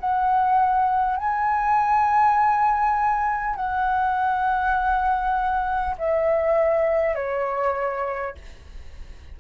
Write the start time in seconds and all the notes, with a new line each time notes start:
0.00 F#5
1.17 G#5
3.56 F#5
5.98 E5
7.15 C#5